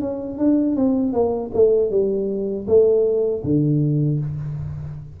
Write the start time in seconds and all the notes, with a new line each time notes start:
0.00 C#4
0.38 D4
0.76 C4
1.13 A#3
1.54 A3
1.90 G3
2.67 A3
3.43 D3